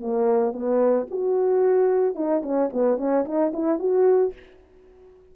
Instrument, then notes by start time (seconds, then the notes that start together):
horn
0.00 A#3
0.53 B3
1.11 F#4
2.15 D#4
2.43 C#4
2.73 B3
2.98 C#4
3.25 D#4
3.54 E4
3.79 F#4